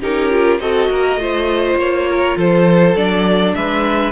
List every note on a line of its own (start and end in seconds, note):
0.00 0.59 C#4
0.00 0.30 D#4
0.00 0.59 G4
0.00 0.60 A#4
0.30 0.59 F4
0.59 0.89 C4
0.59 1.18 F#4
0.59 0.90 A4
0.59 1.78 D#5
0.90 1.16 A#3
0.90 1.20 A#4
1.16 1.75 A3
1.16 2.95 F4
1.16 2.09 C5
1.76 2.35 A#3
1.76 2.38 C#5
2.10 2.37 A#4
2.37 2.95 F3
2.37 3.55 A4
2.37 2.96 C5
2.95 3.54 F#3
2.95 4.12 D4
2.95 3.54 D5
3.54 4.12 G#3
3.54 4.12 B4
3.54 4.12 E5